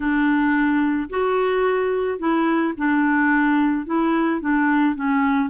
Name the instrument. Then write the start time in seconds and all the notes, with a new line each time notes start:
clarinet
0.00 D4
1.09 F#4
2.18 E4
2.77 D4
3.86 E4
4.41 D4
4.95 C#4